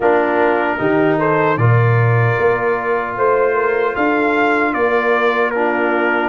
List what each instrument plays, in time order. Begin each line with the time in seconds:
0.00 tuba A#3, trombone D4, horn F4, trumpet A#4
0.78 tuba D#3, trombone D#4, horn G4
1.19 horn A4, trumpet C5
1.57 tuba A#2, trombone F4, horn A#4, trumpet D5
2.38 tuba A#3
3.16 tuba A3, horn C5, trumpet C5
3.54 horn A#4
3.94 tuba D4, horn A4, trumpet F5
4.73 tuba A#3, horn A#4, trumpet D5
5.50 trombone D4, horn F4, trumpet A#4